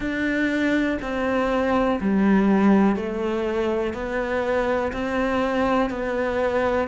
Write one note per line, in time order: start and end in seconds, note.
0.00 0.98 D4
1.01 1.99 C4
2.00 2.96 G3
2.96 3.93 A3
3.93 4.92 B3
4.92 5.90 C4
5.90 6.88 B3